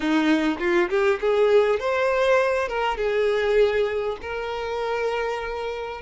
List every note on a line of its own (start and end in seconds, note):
0.00 0.58 D#4
0.59 0.89 F4
0.89 1.19 G4
1.20 1.79 G#4
1.79 2.68 C5
2.68 2.97 A#4
2.97 4.17 G#4
4.21 6.01 A#4